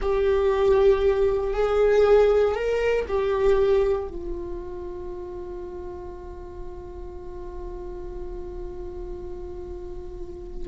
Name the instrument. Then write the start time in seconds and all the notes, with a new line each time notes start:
viola
0.01 G4
1.53 G#4
2.54 A#4
3.07 G4
4.07 F4